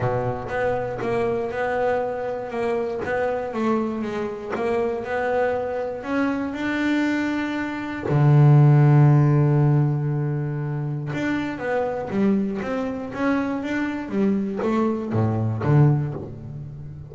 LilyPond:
\new Staff \with { instrumentName = "double bass" } { \time 4/4 \tempo 4 = 119 b,4 b4 ais4 b4~ | b4 ais4 b4 a4 | gis4 ais4 b2 | cis'4 d'2. |
d1~ | d2 d'4 b4 | g4 c'4 cis'4 d'4 | g4 a4 a,4 d4 | }